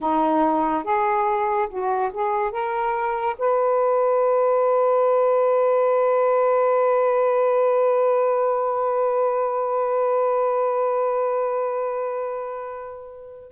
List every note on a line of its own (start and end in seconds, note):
0.00 0.84 D#4
0.84 1.68 G#4
1.69 2.11 F#4
2.13 2.51 G#4
2.51 3.36 A#4
3.38 13.52 B4